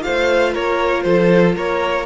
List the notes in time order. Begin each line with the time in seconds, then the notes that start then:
0.00 A3 F4 C5 F5
0.53 A#3 A#4 C#5
1.02 F3 A4 C5
1.56 A#3 A#4 C#5